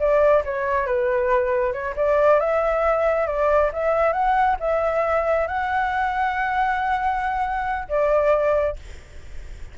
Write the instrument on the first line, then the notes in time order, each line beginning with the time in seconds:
flute
0.00 D5
0.45 C#5
0.87 B4
1.73 C#5
1.96 D5
2.40 E5
3.27 D5
3.73 E5
4.13 F#5
4.60 E5
5.48 F#5
7.89 D5